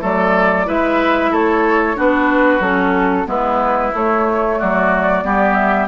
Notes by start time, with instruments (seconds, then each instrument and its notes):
0.00 bassoon F#3, clarinet A3, oboe A4, flute D5
0.65 bassoon G#3, clarinet E4, oboe B4, flute E5
1.31 bassoon A3, oboe A4, flute C#5
1.95 bassoon B3, clarinet D4, oboe F#4, flute B4
2.59 bassoon F#3, clarinet C#4, flute A4
3.25 bassoon G#3, clarinet B3, oboe E4, flute B4
3.93 bassoon A3, clarinet A3, flute C#5
4.59 bassoon F#3, oboe F#4, flute D5
5.23 bassoon G3, clarinet B3, oboe G4
5.54 flute E5